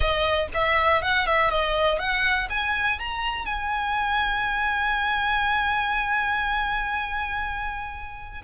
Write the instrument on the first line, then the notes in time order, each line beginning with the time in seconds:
violin
0.00 D#5
0.53 E5
1.02 F#5
1.26 E5
1.50 D#5
1.99 F#5
2.49 G#5
2.99 A#5
3.45 G#5